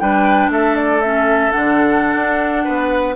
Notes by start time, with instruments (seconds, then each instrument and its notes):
0.00 bassoon G3, clarinet D4, oboe B4, flute G5
0.49 bassoon A3, oboe A4, flute E5
0.77 flute D5
1.02 clarinet C#4, flute E5
1.52 bassoon D3, clarinet D4, flute F#5
2.15 bassoon D4
2.65 bassoon B3, oboe B4